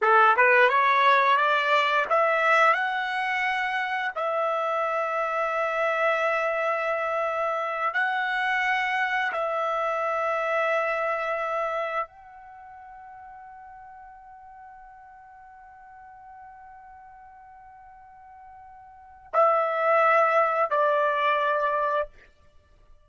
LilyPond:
\new Staff \with { instrumentName = "trumpet" } { \time 4/4 \tempo 4 = 87 a'8 b'8 cis''4 d''4 e''4 | fis''2 e''2~ | e''2.~ e''8 fis''8~ | fis''4. e''2~ e''8~ |
e''4. fis''2~ fis''8~ | fis''1~ | fis''1 | e''2 d''2 | }